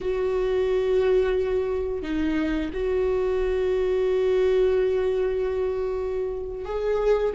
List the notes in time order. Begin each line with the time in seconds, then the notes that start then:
0.00 F#4
2.02 D#4
2.73 F#4
6.65 G#4